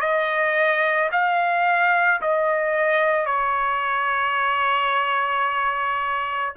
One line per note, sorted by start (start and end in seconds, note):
0.00 1.09 D#5
1.12 2.21 F5
2.21 3.25 D#5
3.25 6.53 C#5